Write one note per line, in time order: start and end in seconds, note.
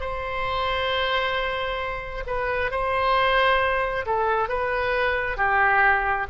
0.00 2.24 C5
2.27 2.71 B4
2.71 4.05 C5
4.05 4.49 A4
4.49 5.37 B4
5.37 6.26 G4